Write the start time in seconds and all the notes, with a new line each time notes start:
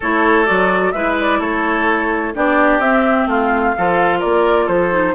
0.00 A3 E4 A4 C#5
0.45 F#3 F#4 D5
0.91 G#3 E4 B4 E5
1.20 D5
1.39 A3 A4 C#5
2.34 B3 D4 G4 D5
2.79 C4 E5
3.26 A3 F4 F5
3.77 F3 F4 A4
4.19 A#3 A#4 D5
4.65 F3 A4 C5
4.90 D#4